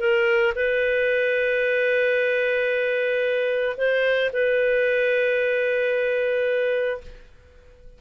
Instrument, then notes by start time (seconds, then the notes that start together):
clarinet
0.00 A#4
0.56 B4
3.78 C5
4.33 B4